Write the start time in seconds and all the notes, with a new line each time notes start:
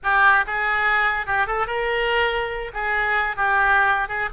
0.03 G4
0.46 G#4
1.26 G4
1.46 A4
1.66 A#4
2.73 G#4
3.36 G4
4.08 G#4